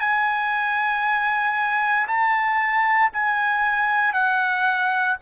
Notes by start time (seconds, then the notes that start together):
0.00 G#5
2.07 A5
3.13 G#5
4.13 F#5